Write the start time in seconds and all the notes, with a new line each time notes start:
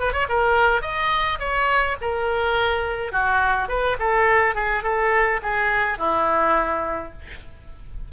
0.00 B4
0.13 C#5
0.29 A#4
0.82 D#5
1.40 C#5
2.02 A#4
3.13 F#4
3.69 B4
3.99 A4
4.55 G#4
4.84 A4
5.43 G#4
5.99 E4